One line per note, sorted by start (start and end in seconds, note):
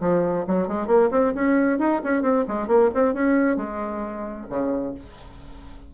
0.00 0.45 F3
0.47 0.68 F#3
0.68 0.87 G#3
0.87 1.10 A#3
1.11 1.33 C4
1.34 1.78 C#4
1.78 2.01 D#4
2.03 2.22 C#4
2.22 2.44 C4
2.48 2.67 G#3
2.67 2.90 A#3
2.94 3.14 C4
3.14 3.56 C#4
3.56 4.47 G#3
4.49 4.94 C#3